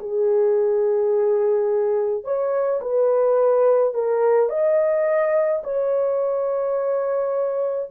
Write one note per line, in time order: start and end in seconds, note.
0.00 2.24 G#4
2.24 2.80 C#5
2.81 3.94 B4
3.94 4.49 A#4
4.49 5.62 D#5
5.63 7.90 C#5